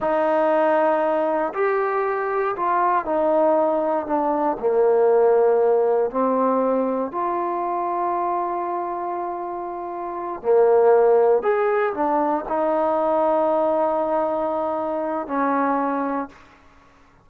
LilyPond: \new Staff \with { instrumentName = "trombone" } { \time 4/4 \tempo 4 = 118 dis'2. g'4~ | g'4 f'4 dis'2 | d'4 ais2. | c'2 f'2~ |
f'1~ | f'8 ais2 gis'4 d'8~ | d'8 dis'2.~ dis'8~ | dis'2 cis'2 | }